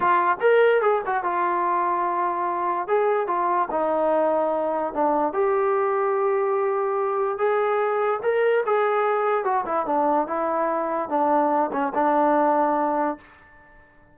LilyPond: \new Staff \with { instrumentName = "trombone" } { \time 4/4 \tempo 4 = 146 f'4 ais'4 gis'8 fis'8 f'4~ | f'2. gis'4 | f'4 dis'2. | d'4 g'2.~ |
g'2 gis'2 | ais'4 gis'2 fis'8 e'8 | d'4 e'2 d'4~ | d'8 cis'8 d'2. | }